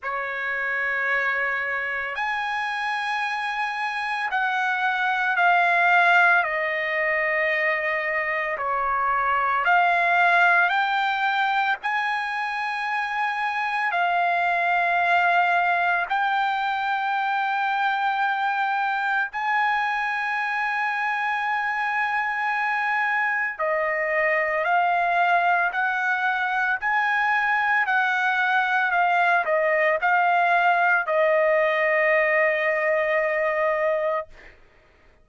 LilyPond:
\new Staff \with { instrumentName = "trumpet" } { \time 4/4 \tempo 4 = 56 cis''2 gis''2 | fis''4 f''4 dis''2 | cis''4 f''4 g''4 gis''4~ | gis''4 f''2 g''4~ |
g''2 gis''2~ | gis''2 dis''4 f''4 | fis''4 gis''4 fis''4 f''8 dis''8 | f''4 dis''2. | }